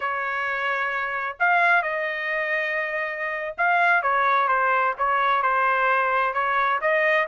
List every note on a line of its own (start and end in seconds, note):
0.00 1.37 C#5
1.39 1.82 F5
1.82 3.55 D#5
3.57 4.02 F5
4.02 4.48 C#5
4.48 4.94 C5
4.98 5.42 C#5
5.42 6.33 C5
6.33 6.79 C#5
6.81 7.27 D#5